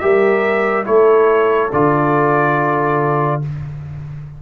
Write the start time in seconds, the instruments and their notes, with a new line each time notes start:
0.00 tuba G3, trombone G4, horn A#4, trumpet E5
0.86 tuba A3, trombone E4, horn A4, trumpet C#5
1.73 tuba D3, trombone F4, trumpet D5